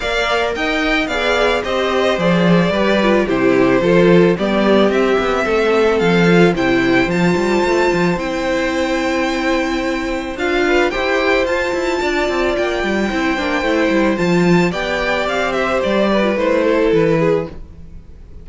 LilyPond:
<<
  \new Staff \with { instrumentName = "violin" } { \time 4/4 \tempo 4 = 110 f''4 g''4 f''4 dis''4 | d''2 c''2 | d''4 e''2 f''4 | g''4 a''2 g''4~ |
g''2. f''4 | g''4 a''2 g''4~ | g''2 a''4 g''4 | f''8 e''8 d''4 c''4 b'4 | }
  \new Staff \with { instrumentName = "violin" } { \time 4/4 d''4 dis''4 d''4 c''4~ | c''4 b'4 g'4 a'4 | g'2 a'2 | c''1~ |
c''2.~ c''8 b'8 | c''2 d''2 | c''2. d''4~ | d''8 c''4 b'4 a'4 gis'8 | }
  \new Staff \with { instrumentName = "viola" } { \time 4/4 ais'2 gis'4 g'4 | gis'4 g'8 f'8 e'4 f'4 | b4 c'2~ c'8 f'8 | e'4 f'2 e'4~ |
e'2. f'4 | g'4 f'2. | e'8 d'8 e'4 f'4 g'4~ | g'4.~ g'16 f'16 e'2 | }
  \new Staff \with { instrumentName = "cello" } { \time 4/4 ais4 dis'4 b4 c'4 | f4 g4 c4 f4 | g4 c'8 b8 a4 f4 | c4 f8 g8 a8 f8 c'4~ |
c'2. d'4 | e'4 f'8 e'8 d'8 c'8 ais8 g8 | c'8 ais8 a8 g8 f4 b4 | c'4 g4 a4 e4 | }
>>